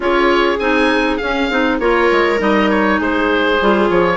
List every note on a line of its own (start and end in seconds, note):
0.00 0.58 C#4
0.00 0.57 F4
0.00 1.81 G#4
0.00 0.59 C#5
0.59 1.19 C4
0.59 1.20 D#4
0.59 1.17 G#5
1.17 1.50 C#4
1.17 1.77 F5
1.50 1.79 C4
1.50 1.79 D#4
1.79 2.09 A#3
1.79 2.38 F4
1.79 2.98 A#4
1.79 2.40 C#5
2.11 2.40 G#3
2.38 3.00 G3
2.38 3.58 D#4
2.38 2.70 D#5
2.70 3.00 C#5
2.98 3.60 G#3
2.98 4.16 G#4
2.98 3.89 C5
3.61 3.89 G3
3.61 4.16 F4
3.89 4.16 F3
3.89 4.16 C#5